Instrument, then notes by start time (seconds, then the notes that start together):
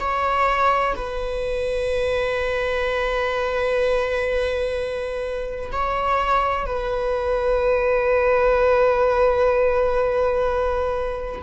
viola
0.00 C#5
0.95 B4
5.72 C#5
6.66 B4